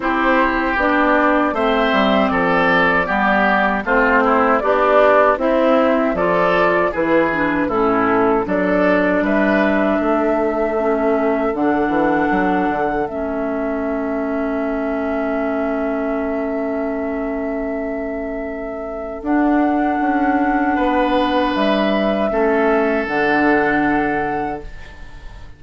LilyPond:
<<
  \new Staff \with { instrumentName = "flute" } { \time 4/4 \tempo 4 = 78 c''4 d''4 e''4 d''4~ | d''4 c''4 d''4 e''4 | d''4 b'4 a'4 d''4 | e''2. fis''4~ |
fis''4 e''2.~ | e''1~ | e''4 fis''2. | e''2 fis''2 | }
  \new Staff \with { instrumentName = "oboe" } { \time 4/4 g'2 c''4 a'4 | g'4 f'8 e'8 d'4 c'4 | a'4 gis'4 e'4 a'4 | b'4 a'2.~ |
a'1~ | a'1~ | a'2. b'4~ | b'4 a'2. | }
  \new Staff \with { instrumentName = "clarinet" } { \time 4/4 e'4 d'4 c'2 | b4 c'4 g'4 e'4 | f'4 e'8 d'8 cis'4 d'4~ | d'2 cis'4 d'4~ |
d'4 cis'2.~ | cis'1~ | cis'4 d'2.~ | d'4 cis'4 d'2 | }
  \new Staff \with { instrumentName = "bassoon" } { \time 4/4 c'4 b4 a8 g8 f4 | g4 a4 b4 c'4 | f4 e4 a,4 fis4 | g4 a2 d8 e8 |
fis8 d8 a2.~ | a1~ | a4 d'4 cis'4 b4 | g4 a4 d2 | }
>>